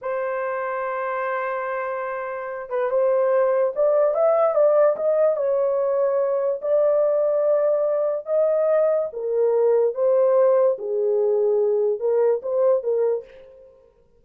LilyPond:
\new Staff \with { instrumentName = "horn" } { \time 4/4 \tempo 4 = 145 c''1~ | c''2~ c''8 b'8 c''4~ | c''4 d''4 e''4 d''4 | dis''4 cis''2. |
d''1 | dis''2 ais'2 | c''2 gis'2~ | gis'4 ais'4 c''4 ais'4 | }